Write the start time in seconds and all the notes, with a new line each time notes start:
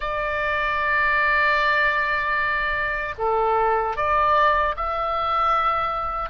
0.00 D5
3.18 A4
3.96 D5
4.76 E5